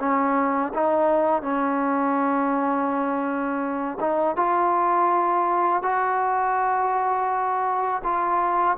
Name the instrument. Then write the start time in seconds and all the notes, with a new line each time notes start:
trombone
0.00 C#4
0.74 D#4
1.43 C#4
4.01 D#4
4.37 F4
5.83 F#4
8.04 F4